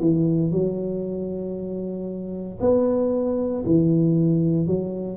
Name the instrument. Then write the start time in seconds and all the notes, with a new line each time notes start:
tuba
0.00 E3
0.52 F#3
2.61 B3
3.66 E3
4.67 F#3